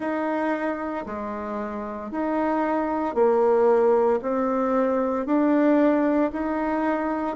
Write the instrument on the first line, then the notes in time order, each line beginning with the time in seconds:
bassoon
0.00 D#4
1.05 G#3
2.11 D#4
3.14 A#3
4.22 C4
5.25 D4
6.32 D#4